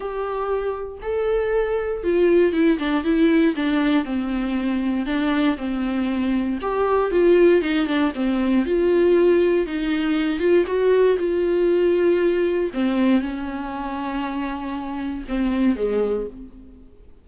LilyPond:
\new Staff \with { instrumentName = "viola" } { \time 4/4 \tempo 4 = 118 g'2 a'2 | f'4 e'8 d'8 e'4 d'4 | c'2 d'4 c'4~ | c'4 g'4 f'4 dis'8 d'8 |
c'4 f'2 dis'4~ | dis'8 f'8 fis'4 f'2~ | f'4 c'4 cis'2~ | cis'2 c'4 gis4 | }